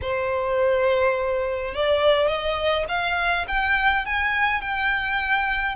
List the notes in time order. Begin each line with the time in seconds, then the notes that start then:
0.01 C5
1.74 D5
2.27 D#5
2.88 F5
3.47 G5
4.05 G#5
4.61 G5